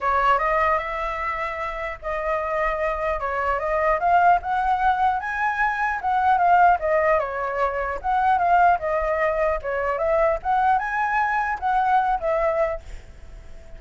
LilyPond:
\new Staff \with { instrumentName = "flute" } { \time 4/4 \tempo 4 = 150 cis''4 dis''4 e''2~ | e''4 dis''2. | cis''4 dis''4 f''4 fis''4~ | fis''4 gis''2 fis''4 |
f''4 dis''4 cis''2 | fis''4 f''4 dis''2 | cis''4 e''4 fis''4 gis''4~ | gis''4 fis''4. e''4. | }